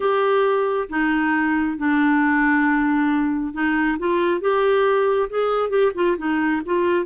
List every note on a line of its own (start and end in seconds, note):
0.00 0.88 G4
0.89 1.77 D#4
1.77 3.53 D4
3.53 3.97 D#4
3.98 4.40 F4
4.40 5.29 G4
5.29 5.69 G#4
5.69 5.91 G4
5.94 6.16 F4
6.17 6.61 D#4
6.65 7.05 F4